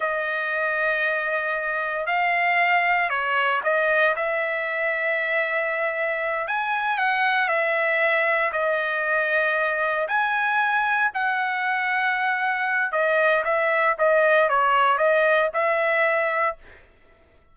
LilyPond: \new Staff \with { instrumentName = "trumpet" } { \time 4/4 \tempo 4 = 116 dis''1 | f''2 cis''4 dis''4 | e''1~ | e''8 gis''4 fis''4 e''4.~ |
e''8 dis''2. gis''8~ | gis''4. fis''2~ fis''8~ | fis''4 dis''4 e''4 dis''4 | cis''4 dis''4 e''2 | }